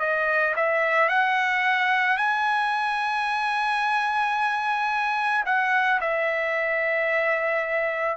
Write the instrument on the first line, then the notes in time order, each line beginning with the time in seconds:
trumpet
0.00 D#5
0.56 E5
1.09 F#5
2.18 G#5
5.46 F#5
6.01 E5